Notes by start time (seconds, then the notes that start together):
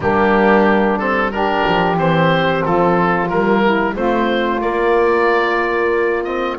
0.00 G3 A#3 D4 G4
0.98 C4 A4
1.31 D4 G4 A#4
1.67 F3
1.96 E3 C4 C5
2.63 F3 F4 A4
3.27 G3 A#3 A#4
3.63 E4
3.94 A3 C4 F4 C5
4.60 A#3 D5
6.24 C4 D#5